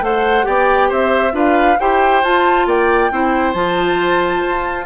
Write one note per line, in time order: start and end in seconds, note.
0.00 0.44 A3
0.00 0.42 A4
0.00 0.46 C5
0.00 0.47 F#5
0.42 0.91 B3
0.42 1.30 G4
0.42 0.88 D5
0.42 0.91 G5
0.88 1.33 C4
0.88 1.32 C5
0.88 1.36 E5
1.32 1.77 D4
1.32 1.76 F4
1.32 1.78 B4
1.32 1.79 F5
1.79 2.23 E4
1.79 2.23 G4
1.79 2.67 C5
1.79 2.23 G5
2.23 2.66 F4
2.23 3.11 F4
2.23 2.67 A5
2.66 3.10 A#3
2.66 3.11 D5
2.66 3.53 G5
3.11 3.53 C4
3.11 3.54 E4
3.11 4.86 C5
3.53 4.42 F3
3.53 4.86 F4
3.53 4.85 A5
4.47 4.86 F4